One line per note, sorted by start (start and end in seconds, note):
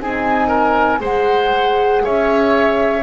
0.00 1.00 C4
0.00 0.99 D#4
0.00 0.48 G#4
0.00 1.03 G#5
0.48 0.99 A#4
0.99 2.02 G#3
0.99 3.02 G#4
0.99 2.03 C5
0.99 2.05 F#5
2.04 3.03 C#4
2.04 3.03 C#5
2.04 3.03 E5